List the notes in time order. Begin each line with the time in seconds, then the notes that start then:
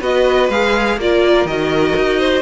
0.00 B3 F#4 B4 D#5
0.49 G#3 G#4 F5
0.97 A#3 F4 A#4 D5
1.45 D#3 F#4 D#5
1.96 D#4
2.19 C5